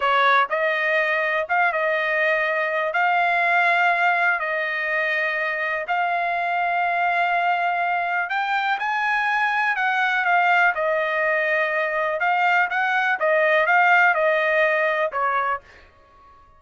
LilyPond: \new Staff \with { instrumentName = "trumpet" } { \time 4/4 \tempo 4 = 123 cis''4 dis''2 f''8 dis''8~ | dis''2 f''2~ | f''4 dis''2. | f''1~ |
f''4 g''4 gis''2 | fis''4 f''4 dis''2~ | dis''4 f''4 fis''4 dis''4 | f''4 dis''2 cis''4 | }